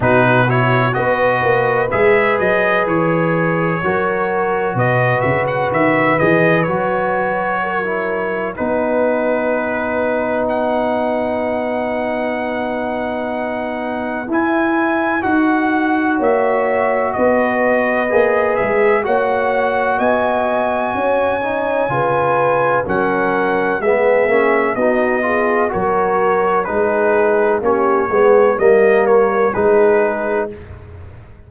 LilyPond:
<<
  \new Staff \with { instrumentName = "trumpet" } { \time 4/4 \tempo 4 = 63 b'8 cis''8 dis''4 e''8 dis''8 cis''4~ | cis''4 dis''8 e''16 fis''16 e''8 dis''8 cis''4~ | cis''4 b'2 fis''4~ | fis''2. gis''4 |
fis''4 e''4 dis''4. e''8 | fis''4 gis''2. | fis''4 e''4 dis''4 cis''4 | b'4 cis''4 dis''8 cis''8 b'4 | }
  \new Staff \with { instrumentName = "horn" } { \time 4/4 fis'4 b'2. | ais'4 b'2. | ais'4 b'2.~ | b'1~ |
b'4 cis''4 b'2 | cis''4 dis''4 cis''4 b'4 | ais'4 gis'4 fis'8 gis'8 ais'4 | gis'4 g'8 gis'8 ais'4 gis'4 | }
  \new Staff \with { instrumentName = "trombone" } { \time 4/4 dis'8 e'8 fis'4 gis'2 | fis'2~ fis'8 gis'8 fis'4~ | fis'16 e'8. dis'2.~ | dis'2. e'4 |
fis'2. gis'4 | fis'2~ fis'8 dis'8 f'4 | cis'4 b8 cis'8 dis'8 f'8 fis'4 | dis'4 cis'8 b8 ais4 dis'4 | }
  \new Staff \with { instrumentName = "tuba" } { \time 4/4 b,4 b8 ais8 gis8 fis8 e4 | fis4 b,8 cis8 dis8 e8 fis4~ | fis4 b2.~ | b2. e'4 |
dis'4 ais4 b4 ais8 gis8 | ais4 b4 cis'4 cis4 | fis4 gis8 ais8 b4 fis4 | gis4 ais8 gis8 g4 gis4 | }
>>